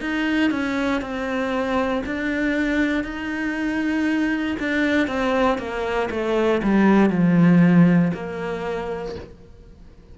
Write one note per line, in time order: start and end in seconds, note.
0.00 0.50 D#4
0.50 1.01 C#4
1.01 2.03 C4
2.06 3.04 D4
3.04 4.56 D#4
4.59 5.07 D4
5.07 5.57 C4
5.57 6.08 A#3
6.10 6.61 A3
6.62 7.10 G3
7.10 8.11 F3
8.14 9.15 A#3